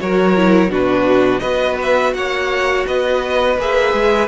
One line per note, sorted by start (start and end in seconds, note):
0.00 0.68 F#3
0.00 0.36 F#4
0.00 0.71 A#4
0.00 0.71 C#5
0.36 0.70 E4
0.68 1.40 B2
0.68 1.41 D4
0.68 1.41 F#4
0.68 1.39 B4
1.39 2.14 B3
1.39 3.56 F#4
1.39 2.12 B4
1.39 1.75 D#5
1.82 2.14 E5
2.14 2.85 A#3
2.14 2.87 C#5
2.14 2.85 F#5
2.87 3.58 B3
2.87 4.28 B4
2.87 3.59 D#5
3.58 3.93 A#3
3.58 4.28 G#4
3.58 4.28 E5
3.93 4.28 G#3